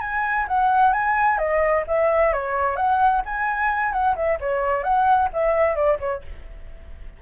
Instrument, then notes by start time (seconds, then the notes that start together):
flute
0.00 G#5
0.47 F#5
0.92 G#5
1.38 D#5
1.87 E5
2.33 C#5
2.76 F#5
3.25 G#5
3.92 F#5
4.15 E5
4.40 C#5
4.83 F#5
5.33 E5
5.75 D5
5.99 C#5